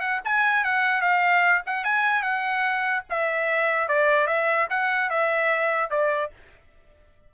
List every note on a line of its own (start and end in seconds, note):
0.00 0.20 F#5
0.24 0.64 G#5
0.64 1.01 F#5
1.01 1.62 F5
1.66 1.84 F#5
1.84 2.22 G#5
2.22 3.03 F#5
3.09 3.88 E5
3.88 4.27 D5
4.27 4.67 E5
4.69 5.10 F#5
5.10 5.90 E5
5.90 6.30 D5